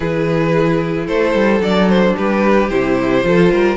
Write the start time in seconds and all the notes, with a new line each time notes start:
0.00 E3 E4 G#4 B4
1.06 A3 A4 C5
1.34 G3
1.59 F#3 D4 D5
1.89 C5
2.16 G3 G4 B4
2.69 C3 E4 C5
3.24 F3 F4 A4
3.51 G3 A#4